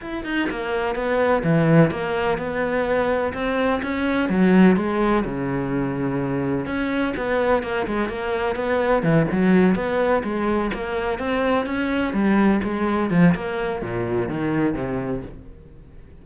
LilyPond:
\new Staff \with { instrumentName = "cello" } { \time 4/4 \tempo 4 = 126 e'8 dis'8 ais4 b4 e4 | ais4 b2 c'4 | cis'4 fis4 gis4 cis4~ | cis2 cis'4 b4 |
ais8 gis8 ais4 b4 e8 fis8~ | fis8 b4 gis4 ais4 c'8~ | c'8 cis'4 g4 gis4 f8 | ais4 ais,4 dis4 c4 | }